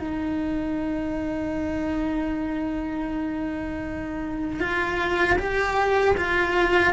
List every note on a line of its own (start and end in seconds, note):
0.00 4.61 D#4
4.61 5.38 F4
5.39 6.16 G4
6.18 6.94 F4